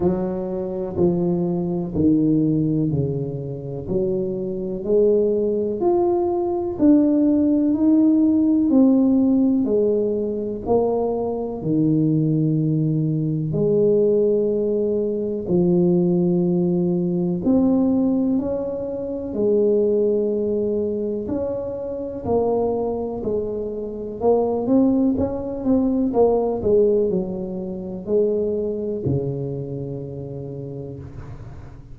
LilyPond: \new Staff \with { instrumentName = "tuba" } { \time 4/4 \tempo 4 = 62 fis4 f4 dis4 cis4 | fis4 gis4 f'4 d'4 | dis'4 c'4 gis4 ais4 | dis2 gis2 |
f2 c'4 cis'4 | gis2 cis'4 ais4 | gis4 ais8 c'8 cis'8 c'8 ais8 gis8 | fis4 gis4 cis2 | }